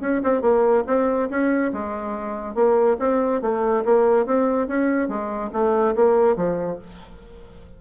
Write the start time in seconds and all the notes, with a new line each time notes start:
0.00 C#4
0.23 C4
0.41 A#3
0.87 C4
1.29 C#4
1.73 G#3
2.54 A#3
2.99 C4
3.41 A3
3.85 A#3
4.26 C4
4.67 C#4
5.08 G#3
5.53 A3
5.95 A#3
6.36 F3